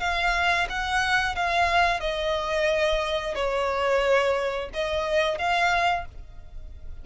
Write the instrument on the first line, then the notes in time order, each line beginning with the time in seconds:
violin
0.00 F5
0.69 F#5
1.35 F5
2.00 D#5
3.35 C#5
4.73 D#5
5.38 F5